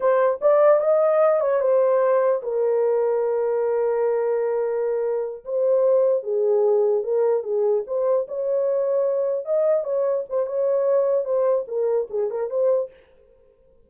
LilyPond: \new Staff \with { instrumentName = "horn" } { \time 4/4 \tempo 4 = 149 c''4 d''4 dis''4. cis''8 | c''2 ais'2~ | ais'1~ | ais'4. c''2 gis'8~ |
gis'4. ais'4 gis'4 c''8~ | c''8 cis''2. dis''8~ | dis''8 cis''4 c''8 cis''2 | c''4 ais'4 gis'8 ais'8 c''4 | }